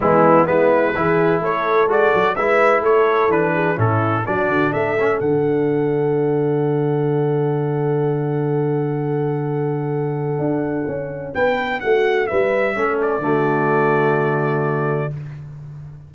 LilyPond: <<
  \new Staff \with { instrumentName = "trumpet" } { \time 4/4 \tempo 4 = 127 e'4 b'2 cis''4 | d''4 e''4 cis''4 b'4 | a'4 d''4 e''4 fis''4~ | fis''1~ |
fis''1~ | fis''1 | g''4 fis''4 e''4. d''8~ | d''1 | }
  \new Staff \with { instrumentName = "horn" } { \time 4/4 b4 e'4 gis'4 a'4~ | a'4 b'4 a'4. gis'8 | e'4 fis'4 a'2~ | a'1~ |
a'1~ | a'1 | b'4 fis'4 b'4 a'4 | fis'1 | }
  \new Staff \with { instrumentName = "trombone" } { \time 4/4 gis4 b4 e'2 | fis'4 e'2 d'4 | cis'4 d'4. cis'8 d'4~ | d'1~ |
d'1~ | d'1~ | d'2. cis'4 | a1 | }
  \new Staff \with { instrumentName = "tuba" } { \time 4/4 e4 gis4 e4 a4 | gis8 fis8 gis4 a4 e4 | a,4 fis8 d8 a4 d4~ | d1~ |
d1~ | d2 d'4 cis'4 | b4 a4 g4 a4 | d1 | }
>>